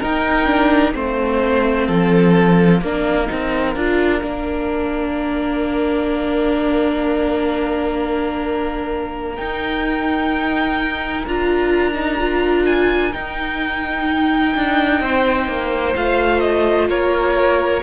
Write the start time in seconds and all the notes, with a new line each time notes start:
0.00 D#4 A#4 G5
0.46 D4
0.94 A3 C4 C5 F5
1.88 F3 A4
2.82 A#3 D4 A#4
3.26 C4 D#4
3.76 D4 F4
4.22 A#3 D4
9.37 D#4 G5
11.27 D4 F4 A#5
11.95 D#4
12.19 F4
12.67 G#5
13.13 D#4 G5
14.56 D4
15.01 C4 C5
15.48 A#3
15.95 A3 F4 F5
16.41 D#5
16.89 A#3 A#4 C#5